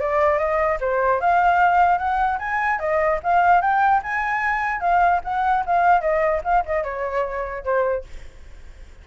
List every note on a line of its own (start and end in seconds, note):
0.00 0.38 D5
0.38 0.78 D#5
0.80 1.20 C5
1.20 1.98 F5
1.98 2.38 F#5
2.39 2.79 G#5
2.79 3.19 D#5
3.23 3.61 F5
3.61 4.01 G5
4.02 4.80 G#5
4.80 5.21 F5
5.24 5.64 F#5
5.66 6.01 F5
6.01 6.41 D#5
6.44 6.64 F5
6.65 6.83 D#5
6.83 7.64 C#5
7.64 8.04 C5